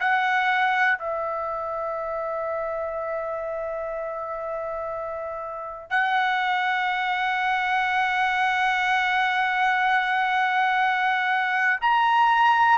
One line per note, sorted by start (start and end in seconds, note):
0.00 0.98 F#5
0.98 5.90 E5
5.90 11.80 F#5
11.82 12.79 A#5